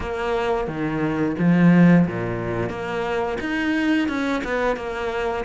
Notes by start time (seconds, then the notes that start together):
0.00 A#3
0.67 D#3
1.38 F3
2.07 A#2
2.69 A#3
3.40 D#4
4.08 C#4
4.43 B3
4.76 A#3